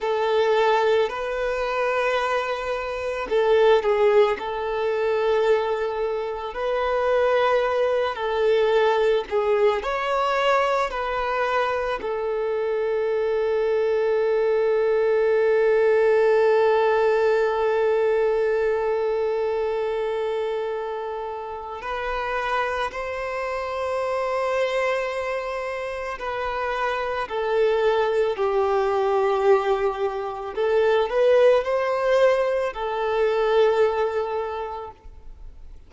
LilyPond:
\new Staff \with { instrumentName = "violin" } { \time 4/4 \tempo 4 = 55 a'4 b'2 a'8 gis'8 | a'2 b'4. a'8~ | a'8 gis'8 cis''4 b'4 a'4~ | a'1~ |
a'1 | b'4 c''2. | b'4 a'4 g'2 | a'8 b'8 c''4 a'2 | }